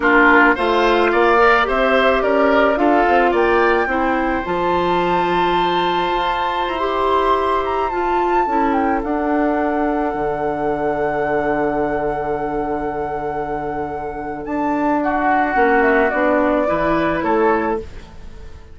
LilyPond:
<<
  \new Staff \with { instrumentName = "flute" } { \time 4/4 \tempo 4 = 108 ais'4 f''2 e''4 | d''4 f''4 g''2 | a''1 | ais''16 c'''4. ais''8 a''4. g''16~ |
g''16 fis''2.~ fis''8.~ | fis''1~ | fis''2 a''4 fis''4~ | fis''8 e''8 d''2 cis''4 | }
  \new Staff \with { instrumentName = "oboe" } { \time 4/4 f'4 c''4 d''4 c''4 | ais'4 a'4 d''4 c''4~ | c''1~ | c''2.~ c''16 a'8.~ |
a'1~ | a'1~ | a'2. fis'4~ | fis'2 b'4 a'4 | }
  \new Staff \with { instrumentName = "clarinet" } { \time 4/4 d'4 f'4. ais'8 g'4~ | g'4 f'2 e'4 | f'1~ | f'16 g'2 f'4 e'8.~ |
e'16 d'2.~ d'8.~ | d'1~ | d'1 | cis'4 d'4 e'2 | }
  \new Staff \with { instrumentName = "bassoon" } { \time 4/4 ais4 a4 ais4 c'4 | cis'4 d'8 c'8 ais4 c'4 | f2. f'4 | e'2~ e'16 f'4 cis'8.~ |
cis'16 d'2 d4.~ d16~ | d1~ | d2 d'2 | ais4 b4 e4 a4 | }
>>